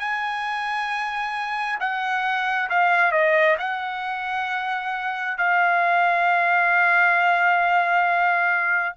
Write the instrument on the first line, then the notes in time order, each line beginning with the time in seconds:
trumpet
0.00 G#5
1.80 F#5
2.70 F5
3.12 D#5
3.59 F#5
5.38 F5